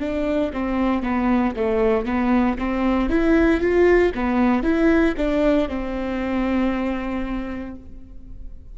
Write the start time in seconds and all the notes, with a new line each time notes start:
0.00 D4
0.53 C4
1.03 B3
1.57 A3
2.05 B3
2.59 C4
3.09 E4
3.61 F4
4.15 B3
4.63 E4
5.17 D4
5.69 C4